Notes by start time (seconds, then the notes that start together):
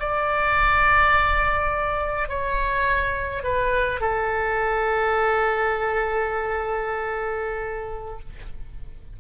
0.00 D5
2.28 C#5
3.44 B4
4.01 A4